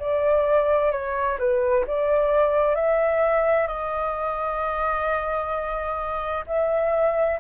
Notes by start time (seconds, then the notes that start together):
0.00 D5
0.92 C#5
1.39 B4
1.87 D5
2.76 E5
3.68 D#5
6.47 E5